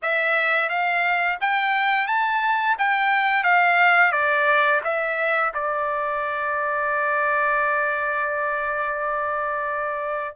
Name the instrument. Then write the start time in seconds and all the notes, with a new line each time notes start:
trumpet
0.02 E5
0.69 F5
1.40 G5
2.07 A5
2.78 G5
3.43 F5
4.12 D5
4.84 E5
5.54 D5